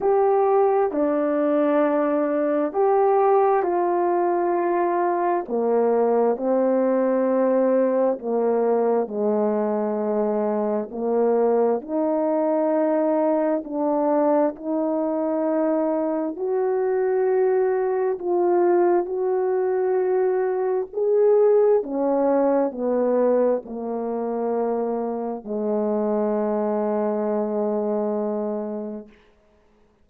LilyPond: \new Staff \with { instrumentName = "horn" } { \time 4/4 \tempo 4 = 66 g'4 d'2 g'4 | f'2 ais4 c'4~ | c'4 ais4 gis2 | ais4 dis'2 d'4 |
dis'2 fis'2 | f'4 fis'2 gis'4 | cis'4 b4 ais2 | gis1 | }